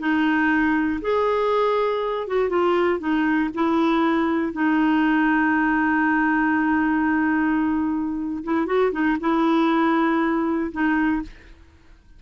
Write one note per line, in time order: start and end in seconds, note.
0.00 1.01 D#4
1.02 2.28 G#4
2.28 2.50 F#4
2.50 3.00 F4
3.00 3.50 D#4
3.55 4.53 E4
4.53 8.44 D#4
8.44 8.67 E4
8.67 8.92 F#4
8.92 9.18 D#4
9.21 10.72 E4
10.72 11.23 D#4